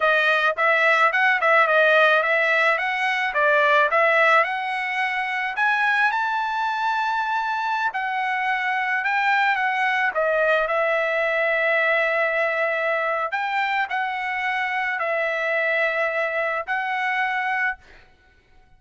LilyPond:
\new Staff \with { instrumentName = "trumpet" } { \time 4/4 \tempo 4 = 108 dis''4 e''4 fis''8 e''8 dis''4 | e''4 fis''4 d''4 e''4 | fis''2 gis''4 a''4~ | a''2~ a''16 fis''4.~ fis''16~ |
fis''16 g''4 fis''4 dis''4 e''8.~ | e''1 | g''4 fis''2 e''4~ | e''2 fis''2 | }